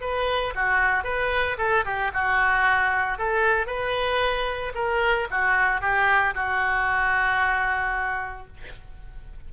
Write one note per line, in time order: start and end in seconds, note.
0.00 0.53 B4
0.55 1.03 F#4
1.03 1.56 B4
1.58 1.84 A4
1.84 2.11 G4
2.13 3.18 F#4
3.18 3.66 A4
3.66 4.72 B4
4.74 5.27 A#4
5.30 5.81 F#4
5.81 6.34 G4
6.34 8.46 F#4